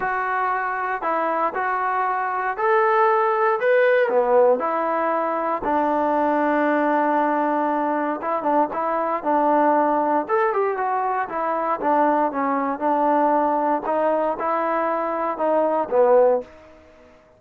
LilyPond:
\new Staff \with { instrumentName = "trombone" } { \time 4/4 \tempo 4 = 117 fis'2 e'4 fis'4~ | fis'4 a'2 b'4 | b4 e'2 d'4~ | d'1 |
e'8 d'8 e'4 d'2 | a'8 g'8 fis'4 e'4 d'4 | cis'4 d'2 dis'4 | e'2 dis'4 b4 | }